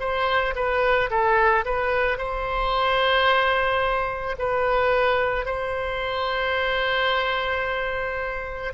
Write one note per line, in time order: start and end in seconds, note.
0.00 0.55 C5
0.56 1.10 B4
1.10 1.65 A4
1.65 2.18 B4
2.18 4.36 C5
4.39 5.46 B4
5.46 8.73 C5